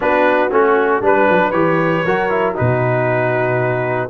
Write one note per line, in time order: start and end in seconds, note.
0.00 0.51 B3
0.00 0.49 D4
0.00 1.03 F#4
0.00 0.52 B4
0.51 1.01 A3
0.51 1.01 C#4
0.51 1.04 F#4
1.01 1.27 G3
1.01 1.52 D4
1.01 2.05 B4
1.01 1.51 B4
1.29 1.52 F#3
1.51 2.04 E3
1.51 2.04 G4
1.51 2.54 C#5
2.05 2.57 F#3
2.05 2.29 F#4
2.05 2.54 A#4
2.29 2.55 E4
2.54 4.09 B2
2.54 4.09 D#4
2.54 4.08 F#4
2.54 4.09 B4